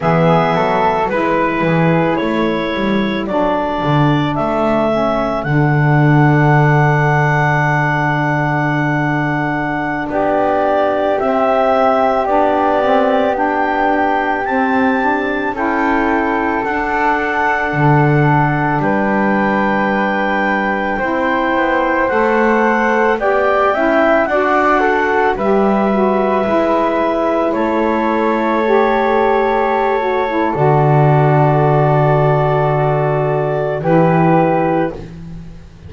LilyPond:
<<
  \new Staff \with { instrumentName = "clarinet" } { \time 4/4 \tempo 4 = 55 e''4 b'4 cis''4 d''4 | e''4 fis''2.~ | fis''4~ fis''16 d''4 e''4 d''8.~ | d''16 g''4 a''4 g''4 fis''8.~ |
fis''4~ fis''16 g''2~ g''8.~ | g''16 fis''4 g''4 fis''4 e''8.~ | e''4~ e''16 cis''2~ cis''8. | d''2. b'4 | }
  \new Staff \with { instrumentName = "flute" } { \time 4/4 gis'8 a'8 b'8 gis'8 a'2~ | a'1~ | a'4~ a'16 g'2~ g'8.~ | g'2~ g'16 a'4.~ a'16~ |
a'4~ a'16 b'2 c''8.~ | c''4~ c''16 d''8 e''8 d''8 a'8 b'8.~ | b'4~ b'16 a'2~ a'8.~ | a'2. g'4 | }
  \new Staff \with { instrumentName = "saxophone" } { \time 4/4 b4 e'2 d'4~ | d'8 cis'8 d'2.~ | d'2~ d'16 c'4 d'8 c'16~ | c'16 d'4 c'8 d'8 e'4 d'8.~ |
d'2.~ d'16 e'8.~ | e'16 a'4 g'8 e'8 fis'4 g'8 fis'16~ | fis'16 e'2 g'4~ g'16 fis'16 e'16 | fis'2. e'4 | }
  \new Staff \with { instrumentName = "double bass" } { \time 4/4 e8 fis8 gis8 e8 a8 g8 fis8 d8 | a4 d2.~ | d4~ d16 b4 c'4 b8.~ | b4~ b16 c'4 cis'4 d'8.~ |
d'16 d4 g2 c'8 b16~ | b16 a4 b8 cis'8 d'4 g8.~ | g16 gis4 a2~ a8. | d2. e4 | }
>>